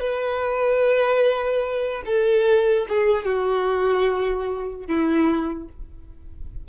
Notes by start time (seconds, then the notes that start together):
0.00 B4
2.06 A4
2.89 G#4
3.25 F#4
4.87 E4